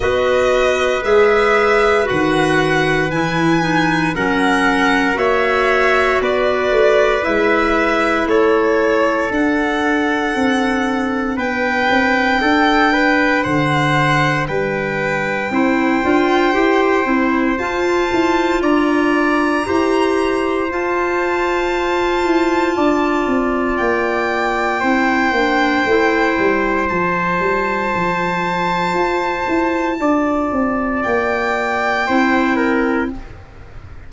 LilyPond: <<
  \new Staff \with { instrumentName = "violin" } { \time 4/4 \tempo 4 = 58 dis''4 e''4 fis''4 gis''4 | fis''4 e''4 d''4 e''4 | cis''4 fis''2 g''4~ | g''4 fis''4 g''2~ |
g''4 a''4 ais''2 | a''2. g''4~ | g''2 a''2~ | a''2 g''2 | }
  \new Staff \with { instrumentName = "trumpet" } { \time 4/4 b'1 | ais'4 cis''4 b'2 | a'2. b'4 | a'8 b'8 c''4 b'4 c''4~ |
c''2 d''4 c''4~ | c''2 d''2 | c''1~ | c''4 d''2 c''8 ais'8 | }
  \new Staff \with { instrumentName = "clarinet" } { \time 4/4 fis'4 gis'4 fis'4 e'8 dis'8 | cis'4 fis'2 e'4~ | e'4 d'2.~ | d'2. e'8 f'8 |
g'8 e'8 f'2 g'4 | f'1 | e'8 d'8 e'4 f'2~ | f'2. e'4 | }
  \new Staff \with { instrumentName = "tuba" } { \time 4/4 b4 gis4 dis4 e4 | fis4 ais4 b8 a8 gis4 | a4 d'4 c'4 b8 c'8 | d'4 d4 g4 c'8 d'8 |
e'8 c'8 f'8 e'8 d'4 e'4 | f'4. e'8 d'8 c'8 ais4 | c'8 ais8 a8 g8 f8 g8 f4 | f'8 e'8 d'8 c'8 ais4 c'4 | }
>>